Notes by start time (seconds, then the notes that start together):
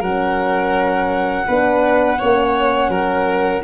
0.00 F#3 C#4 A#4 F#5
1.47 B3 D4 B4
2.19 A#3 C#4 C#5
2.89 F#3 A#4